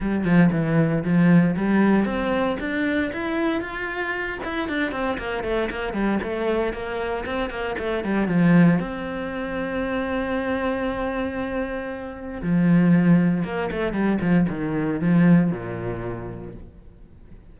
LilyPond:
\new Staff \with { instrumentName = "cello" } { \time 4/4 \tempo 4 = 116 g8 f8 e4 f4 g4 | c'4 d'4 e'4 f'4~ | f'8 e'8 d'8 c'8 ais8 a8 ais8 g8 | a4 ais4 c'8 ais8 a8 g8 |
f4 c'2.~ | c'1 | f2 ais8 a8 g8 f8 | dis4 f4 ais,2 | }